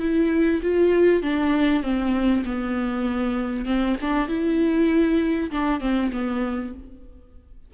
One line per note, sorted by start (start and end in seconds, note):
0.00 0.61 E4
0.63 1.23 F4
1.23 1.83 D4
1.83 2.44 C4
2.45 3.66 B3
3.66 3.96 C4
4.02 4.29 D4
4.29 5.51 E4
5.52 5.81 D4
5.81 6.11 C4
6.13 6.74 B3